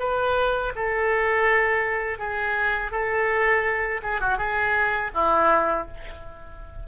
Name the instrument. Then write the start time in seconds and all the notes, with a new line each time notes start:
oboe
0.00 B4
0.76 A4
2.19 G#4
2.92 A4
4.03 G#4
4.21 F#4
4.38 G#4
5.15 E4